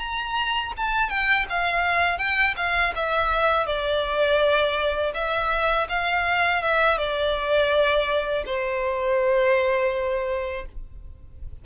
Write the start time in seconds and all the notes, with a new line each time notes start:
0.00 A#5
0.77 A5
1.10 G5
1.50 F5
2.19 G5
2.57 F5
2.96 E5
3.67 D5
5.15 E5
5.90 F5
6.63 E5
6.98 D5
8.46 C5